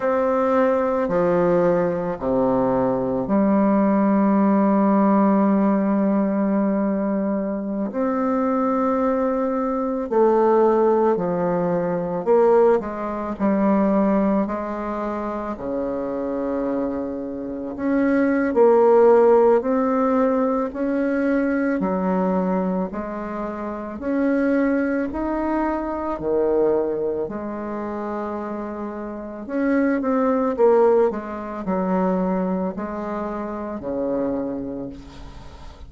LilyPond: \new Staff \with { instrumentName = "bassoon" } { \time 4/4 \tempo 4 = 55 c'4 f4 c4 g4~ | g2.~ g16 c'8.~ | c'4~ c'16 a4 f4 ais8 gis16~ | gis16 g4 gis4 cis4.~ cis16~ |
cis16 cis'8. ais4 c'4 cis'4 | fis4 gis4 cis'4 dis'4 | dis4 gis2 cis'8 c'8 | ais8 gis8 fis4 gis4 cis4 | }